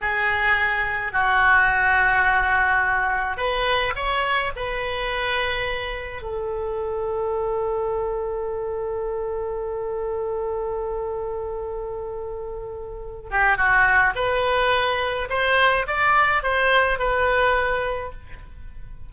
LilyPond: \new Staff \with { instrumentName = "oboe" } { \time 4/4 \tempo 4 = 106 gis'2 fis'2~ | fis'2 b'4 cis''4 | b'2. a'4~ | a'1~ |
a'1~ | a'2.~ a'8 g'8 | fis'4 b'2 c''4 | d''4 c''4 b'2 | }